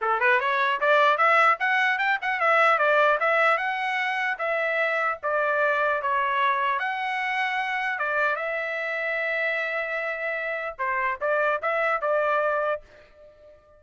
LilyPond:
\new Staff \with { instrumentName = "trumpet" } { \time 4/4 \tempo 4 = 150 a'8 b'8 cis''4 d''4 e''4 | fis''4 g''8 fis''8 e''4 d''4 | e''4 fis''2 e''4~ | e''4 d''2 cis''4~ |
cis''4 fis''2. | d''4 e''2.~ | e''2. c''4 | d''4 e''4 d''2 | }